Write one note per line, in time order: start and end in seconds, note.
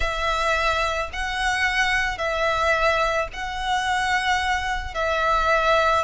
0.00 1.10 E5
1.12 2.18 F#5
2.18 3.28 E5
3.33 4.94 F#5
4.94 6.04 E5